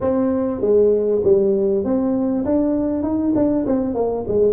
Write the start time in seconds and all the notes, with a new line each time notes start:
0.00 C4
0.61 G#3
1.23 G3
1.84 C4
2.45 D4
3.02 D#4
3.35 D4
3.66 C4
3.94 A#3
4.27 G#3